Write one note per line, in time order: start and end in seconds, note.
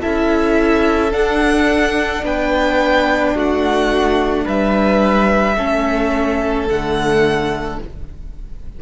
0.00 1.13 C#4
0.00 1.11 E4
0.00 2.22 A4
0.00 1.13 E5
1.11 5.56 D4
1.11 2.24 D4
1.11 2.24 F#5
2.24 3.35 B3
2.24 3.35 B4
2.24 3.37 G5
3.35 4.46 A3
3.35 4.45 F#4
3.35 4.48 F#5
4.45 5.58 G3
4.45 5.56 B4
4.45 6.68 E5
5.58 6.68 A3
5.58 6.69 C#4
5.58 7.80 A4
6.68 7.79 D3
6.68 7.82 A3
6.68 7.79 F#5